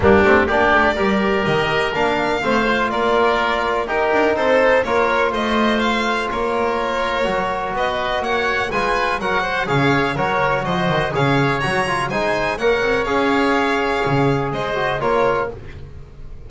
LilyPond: <<
  \new Staff \with { instrumentName = "violin" } { \time 4/4 \tempo 4 = 124 g'4 d''2 dis''4 | f''2 d''2 | ais'4 c''4 cis''4 dis''4 | f''4 cis''2. |
dis''4 fis''4 gis''4 fis''4 | f''4 cis''4 dis''4 f''4 | ais''4 gis''4 fis''4 f''4~ | f''2 dis''4 cis''4 | }
  \new Staff \with { instrumentName = "oboe" } { \time 4/4 d'4 g'4 ais'2~ | ais'4 c''4 ais'2 | g'4 a'4 ais'4 c''4~ | c''4 ais'2. |
b'4 cis''4 b'4 ais'8 c''8 | cis''4 ais'4 c''4 cis''4~ | cis''4 c''4 cis''2~ | cis''2 c''4 ais'4 | }
  \new Staff \with { instrumentName = "trombone" } { \time 4/4 ais8 c'8 d'4 g'2 | d'4 c'8 f'2~ f'8 | dis'2 f'2~ | f'2. fis'4~ |
fis'2 f'4 fis'4 | gis'4 fis'2 gis'4 | fis'8 f'8 dis'4 ais'4 gis'4~ | gis'2~ gis'8 fis'8 f'4 | }
  \new Staff \with { instrumentName = "double bass" } { \time 4/4 g8 a8 ais8 a8 g4 dis4 | ais4 a4 ais2 | dis'8 d'8 c'4 ais4 a4~ | a4 ais2 fis4 |
b4 ais4 gis4 fis4 | cis4 fis4 f8 dis8 cis4 | fis4 gis4 ais8 c'8 cis'4~ | cis'4 cis4 gis4 ais4 | }
>>